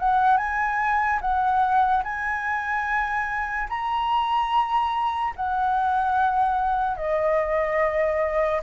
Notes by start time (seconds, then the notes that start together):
0.00 F#5
0.38 G#5
1.22 F#5
2.04 G#5
3.69 A#5
5.36 F#5
6.97 D#5